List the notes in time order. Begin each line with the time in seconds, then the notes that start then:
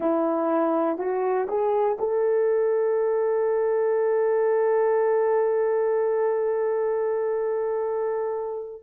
0.00 E4
0.98 F#4
1.48 G#4
1.99 A4